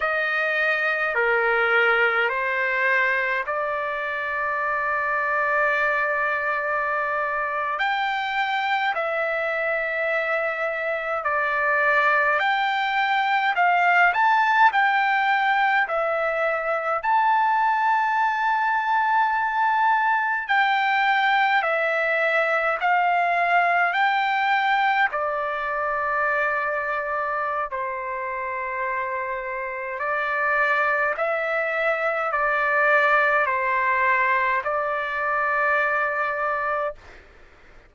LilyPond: \new Staff \with { instrumentName = "trumpet" } { \time 4/4 \tempo 4 = 52 dis''4 ais'4 c''4 d''4~ | d''2~ d''8. g''4 e''16~ | e''4.~ e''16 d''4 g''4 f''16~ | f''16 a''8 g''4 e''4 a''4~ a''16~ |
a''4.~ a''16 g''4 e''4 f''16~ | f''8. g''4 d''2~ d''16 | c''2 d''4 e''4 | d''4 c''4 d''2 | }